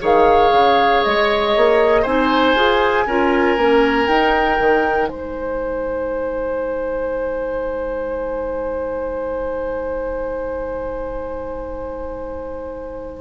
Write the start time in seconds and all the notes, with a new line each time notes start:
0.00 D#3 G#4 C#5 F5
0.51 C#3
1.03 G#3 D#5
1.56 A#3
2.01 C4 D#4 C5 G#5
2.55 F4 G#4
3.06 C#4 F4 A#4
3.57 A#3 C#4
4.07 D#4 G5
4.59 D#3
5.07 G#3 C5 G#5